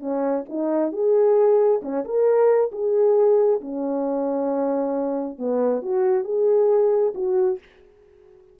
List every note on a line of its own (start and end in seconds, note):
0.00 0.44 C#4
0.49 0.92 D#4
0.92 1.81 G#4
1.82 2.04 C#4
2.05 2.71 A#4
2.72 3.61 G#4
3.61 5.38 C#4
5.38 5.83 B3
5.83 6.24 F#4
6.24 7.13 G#4
7.15 7.59 F#4